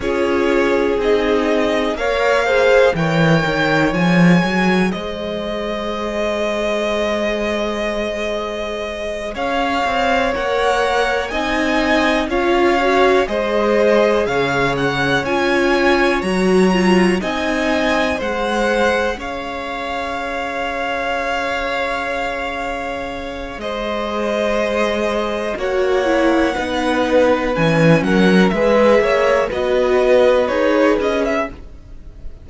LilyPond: <<
  \new Staff \with { instrumentName = "violin" } { \time 4/4 \tempo 4 = 61 cis''4 dis''4 f''4 g''4 | gis''4 dis''2.~ | dis''4. f''4 fis''4 gis''8~ | gis''8 f''4 dis''4 f''8 fis''8 gis''8~ |
gis''8 ais''4 gis''4 fis''4 f''8~ | f''1 | dis''2 fis''2 | gis''8 fis''8 e''4 dis''4 cis''8 dis''16 e''16 | }
  \new Staff \with { instrumentName = "violin" } { \time 4/4 gis'2 cis''8 c''8 cis''4~ | cis''4 c''2.~ | c''4. cis''2 dis''8~ | dis''8 cis''4 c''4 cis''4.~ |
cis''4. dis''4 c''4 cis''8~ | cis''1 | c''2 cis''4 b'4~ | b'8 ais'8 b'8 cis''8 b'2 | }
  \new Staff \with { instrumentName = "viola" } { \time 4/4 f'4 dis'4 ais'8 gis'8 ais'4 | gis'1~ | gis'2~ gis'8 ais'4 dis'8~ | dis'8 f'8 fis'8 gis'2 f'8~ |
f'8 fis'8 f'8 dis'4 gis'4.~ | gis'1~ | gis'2 fis'8 e'8 dis'4 | cis'4 gis'4 fis'4 gis'4 | }
  \new Staff \with { instrumentName = "cello" } { \time 4/4 cis'4 c'4 ais4 e8 dis8 | f8 fis8 gis2.~ | gis4. cis'8 c'8 ais4 c'8~ | c'8 cis'4 gis4 cis4 cis'8~ |
cis'8 fis4 c'4 gis4 cis'8~ | cis'1 | gis2 ais4 b4 | e8 fis8 gis8 ais8 b4 dis'8 cis'8 | }
>>